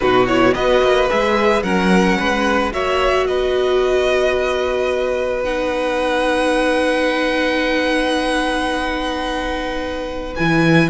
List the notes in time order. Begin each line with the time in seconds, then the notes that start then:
0.00 B2 D#4 F#4 B4
0.26 E4 C#5
0.54 B3 F#4 B4 D#5
0.81 A#3
1.09 G#3 G#4 E5
1.62 F#3 C#4 A#4 F#5
2.18 G#3 B4
2.71 A#3 F#4 C#5 E5
3.24 B3 B4 D#5
5.43 D#4 F#5
10.35 E3 E4 G#5